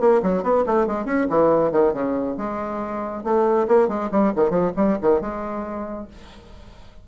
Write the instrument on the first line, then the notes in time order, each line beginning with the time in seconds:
bassoon
0.00 A#3
0.22 F#3
0.43 B3
0.66 A3
0.87 G#3
1.05 C#4
1.29 E3
1.72 D#3
1.93 C#3
2.38 G#3
3.24 A3
3.68 A#3
3.88 G#3
4.11 G3
4.36 D#3
4.50 F3
4.76 G3
5.02 D#3
5.21 G#3